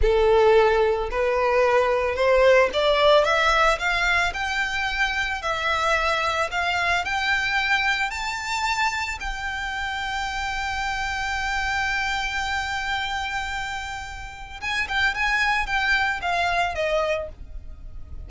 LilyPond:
\new Staff \with { instrumentName = "violin" } { \time 4/4 \tempo 4 = 111 a'2 b'2 | c''4 d''4 e''4 f''4 | g''2 e''2 | f''4 g''2 a''4~ |
a''4 g''2.~ | g''1~ | g''2. gis''8 g''8 | gis''4 g''4 f''4 dis''4 | }